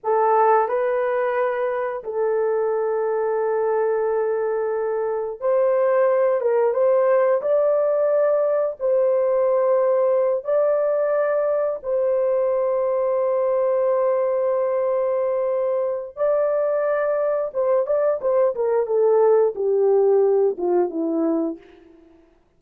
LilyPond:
\new Staff \with { instrumentName = "horn" } { \time 4/4 \tempo 4 = 89 a'4 b'2 a'4~ | a'1 | c''4. ais'8 c''4 d''4~ | d''4 c''2~ c''8 d''8~ |
d''4. c''2~ c''8~ | c''1 | d''2 c''8 d''8 c''8 ais'8 | a'4 g'4. f'8 e'4 | }